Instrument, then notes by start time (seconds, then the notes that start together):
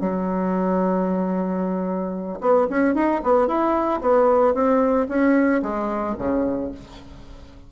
bassoon
0.00 F#3
2.40 B3
2.70 C#4
2.94 D#4
3.23 B3
3.47 E4
4.01 B3
4.54 C4
5.08 C#4
5.62 G#3
6.18 C#3